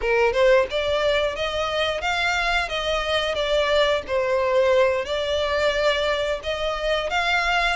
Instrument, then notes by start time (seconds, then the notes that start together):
violin
0.01 A#4
0.32 C5
0.70 D5
1.35 D#5
2.01 F5
2.68 D#5
3.35 D5
4.07 C5
5.05 D5
6.43 D#5
7.10 F5